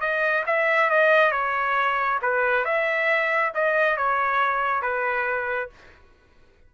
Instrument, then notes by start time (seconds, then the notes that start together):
trumpet
0.00 D#5
0.46 E5
0.90 D#5
1.31 C#5
2.22 B4
2.64 E5
3.54 D#5
3.96 C#5
4.82 B4